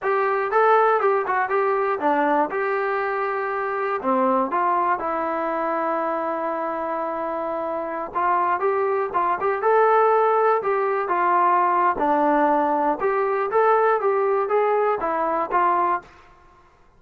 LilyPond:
\new Staff \with { instrumentName = "trombone" } { \time 4/4 \tempo 4 = 120 g'4 a'4 g'8 fis'8 g'4 | d'4 g'2. | c'4 f'4 e'2~ | e'1~ |
e'16 f'4 g'4 f'8 g'8 a'8.~ | a'4~ a'16 g'4 f'4.~ f'16 | d'2 g'4 a'4 | g'4 gis'4 e'4 f'4 | }